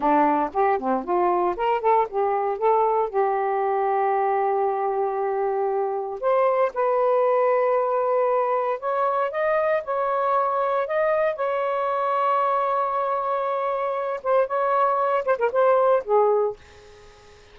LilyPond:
\new Staff \with { instrumentName = "saxophone" } { \time 4/4 \tempo 4 = 116 d'4 g'8 c'8 f'4 ais'8 a'8 | g'4 a'4 g'2~ | g'1 | c''4 b'2.~ |
b'4 cis''4 dis''4 cis''4~ | cis''4 dis''4 cis''2~ | cis''2.~ cis''8 c''8 | cis''4. c''16 ais'16 c''4 gis'4 | }